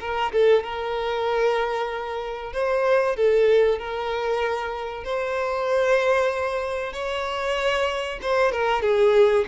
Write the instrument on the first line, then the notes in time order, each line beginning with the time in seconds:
violin
0.00 A#4
0.32 A4
0.63 A#4
2.53 C5
3.16 A4
3.78 A#4
5.04 C5
6.92 C#5
8.22 C5
8.51 A#4
8.81 G#4